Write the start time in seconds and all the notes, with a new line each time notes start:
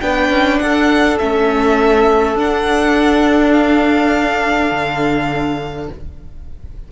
0.00 B3 D4 B4 G5
0.29 C#4
0.59 D4 A4 F#5
1.18 A3 C#4 E5
2.34 D4 F#5
3.52 F5
4.71 D3